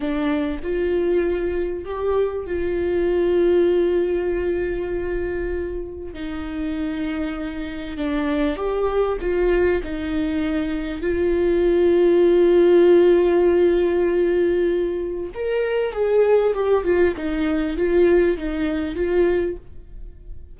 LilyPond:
\new Staff \with { instrumentName = "viola" } { \time 4/4 \tempo 4 = 98 d'4 f'2 g'4 | f'1~ | f'2 dis'2~ | dis'4 d'4 g'4 f'4 |
dis'2 f'2~ | f'1~ | f'4 ais'4 gis'4 g'8 f'8 | dis'4 f'4 dis'4 f'4 | }